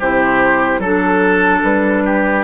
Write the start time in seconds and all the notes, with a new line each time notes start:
0.00 C3 E4 G4 C5
0.79 F#3 D4 A4
1.63 G3 B4
2.05 G4